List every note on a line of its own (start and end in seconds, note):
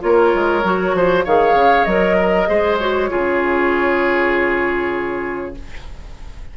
0.00 0.33 A#3
0.00 0.61 F4
0.00 0.96 A#4
0.00 1.24 C#5
0.34 0.63 G#3
0.63 0.94 F#3
0.63 1.25 F#4
0.94 1.24 F3
0.94 1.24 C5
1.24 1.54 D#3
1.24 1.87 G#4
1.24 2.16 C#5
1.24 1.85 F5
1.54 1.84 C#3
1.85 2.47 F#3
1.85 2.47 A#4
1.85 2.76 D#5
2.18 2.48 A#4
2.47 3.10 G#3
2.47 2.77 G#4
2.47 3.10 C5
2.78 3.09 F#4
2.78 5.54 C#5
3.09 5.56 C#3
3.09 5.54 F4
3.09 5.55 G#4